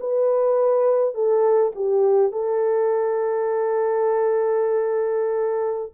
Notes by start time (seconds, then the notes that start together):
0.00 B4
1.15 A4
1.75 G4
2.32 A4